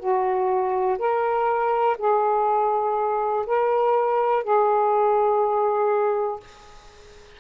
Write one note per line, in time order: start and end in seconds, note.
0.00 0.98 F#4
0.99 1.97 A#4
1.98 3.46 G#4
3.47 4.44 A#4
4.44 6.40 G#4